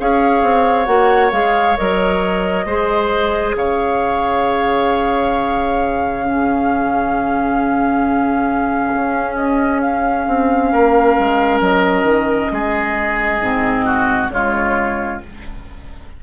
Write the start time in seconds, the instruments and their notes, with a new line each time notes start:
0.00 bassoon C#4, clarinet G#4, oboe C#5, flute F5
0.43 bassoon C4
0.86 bassoon A#3, clarinet F#4, flute F#5
1.32 bassoon G#3, clarinet G#4, flute F5
1.77 bassoon F#3, clarinet A#4, flute D#5
2.66 bassoon G#3, clarinet G#4, oboe C5
3.57 bassoon C#3, oboe C#5, flute F5
6.23 clarinet C#4, oboe G#4
8.94 bassoon C#4
9.36 flute D#5
9.81 flute F5
10.28 bassoon C4
10.72 bassoon A#3, oboe A#4
11.19 bassoon G#3
11.61 bassoon F#3, flute D#5
12.04 bassoon D#3
12.52 bassoon G#3, oboe G#4
13.41 bassoon G#2, clarinet C4
13.86 oboe F#4
14.30 bassoon C#3, clarinet G#3, oboe F4, flute C#5